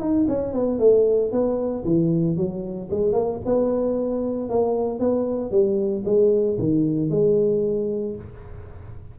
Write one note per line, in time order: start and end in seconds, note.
0.00 0.26 D#4
0.28 0.53 C#4
0.53 0.79 B3
0.79 1.32 A3
1.32 1.84 B3
1.84 2.36 E3
2.36 2.89 F#3
2.90 3.13 G#3
3.13 3.39 A#3
3.45 4.50 B3
4.50 5.00 A#3
5.00 5.51 B3
5.51 6.04 G3
6.05 6.57 G#3
6.59 7.10 D#3
7.10 8.16 G#3